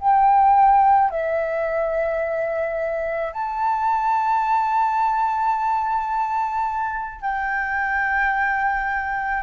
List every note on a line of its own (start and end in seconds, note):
0.00 1.11 G5
1.11 3.33 E5
3.33 7.21 A5
7.21 9.43 G5